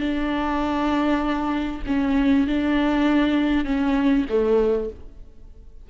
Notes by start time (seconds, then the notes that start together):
0.00 D4
1.87 C#4
2.47 D4
3.65 C#4
4.29 A3